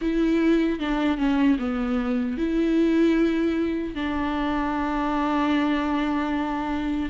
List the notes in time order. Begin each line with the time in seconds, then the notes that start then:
0.01 E4
0.79 D4
1.17 C#4
1.58 B3
2.37 E4
3.94 D4